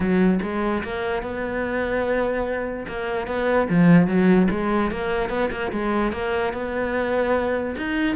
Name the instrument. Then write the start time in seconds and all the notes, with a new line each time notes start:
cello
0.00 F#3
0.42 G#3
0.83 A#3
1.22 B3
2.87 A#3
3.27 B3
3.69 F3
4.07 F#3
4.50 G#3
4.91 A#3
5.29 B3
5.51 A#3
5.71 G#3
6.12 A#3
6.53 B3
7.77 D#4